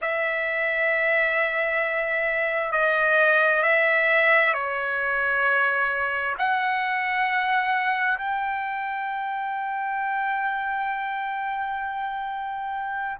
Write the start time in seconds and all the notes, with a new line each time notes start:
0.01 E5
2.71 D#5
3.62 E5
4.53 C#5
6.38 F#5
8.17 G5